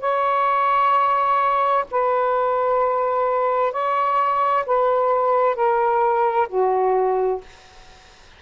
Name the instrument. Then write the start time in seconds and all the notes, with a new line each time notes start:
saxophone
0.00 C#5
1.90 B4
3.72 C#5
4.66 B4
5.55 A#4
6.49 F#4